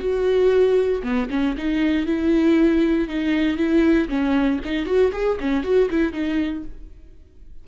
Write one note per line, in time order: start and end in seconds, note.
0.00 1.03 F#4
1.03 1.29 B3
1.30 1.56 C#4
1.58 2.07 D#4
2.07 3.08 E4
3.08 3.57 D#4
3.57 4.09 E4
4.09 4.60 C#4
4.65 4.86 D#4
4.86 5.11 F#4
5.13 5.38 G#4
5.40 5.64 C#4
5.64 5.89 F#4
5.91 6.13 E4
6.13 6.64 D#4